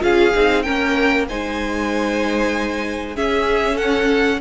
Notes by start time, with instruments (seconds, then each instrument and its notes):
0.00 cello C#4, viola F4, violin G#4 F5
0.35 cello C4, viola D#4
0.62 cello A#3, viola C#4, violin A#4 G5
1.28 cello G#3, viola D#4, violin C5 G#5
3.15 viola C#4, cello C#4, violin G#4 E5
3.74 violin A4 F#5